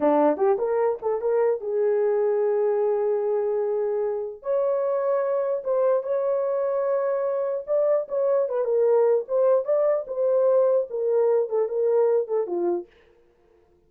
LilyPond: \new Staff \with { instrumentName = "horn" } { \time 4/4 \tempo 4 = 149 d'4 g'8 ais'4 a'8 ais'4 | gis'1~ | gis'2. cis''4~ | cis''2 c''4 cis''4~ |
cis''2. d''4 | cis''4 b'8 ais'4. c''4 | d''4 c''2 ais'4~ | ais'8 a'8 ais'4. a'8 f'4 | }